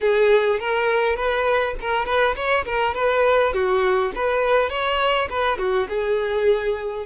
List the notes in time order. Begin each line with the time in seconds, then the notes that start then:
0.01 G#4
0.59 A#4
1.16 B4
1.80 A#4
2.05 B4
2.35 C#5
2.65 A#4
2.94 B4
3.53 F#4
4.15 B4
4.69 C#5
5.29 B4
5.57 F#4
5.88 G#4